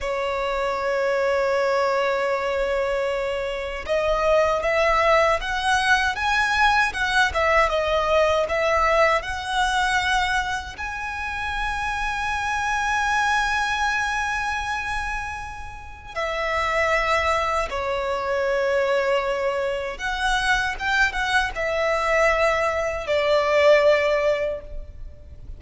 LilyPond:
\new Staff \with { instrumentName = "violin" } { \time 4/4 \tempo 4 = 78 cis''1~ | cis''4 dis''4 e''4 fis''4 | gis''4 fis''8 e''8 dis''4 e''4 | fis''2 gis''2~ |
gis''1~ | gis''4 e''2 cis''4~ | cis''2 fis''4 g''8 fis''8 | e''2 d''2 | }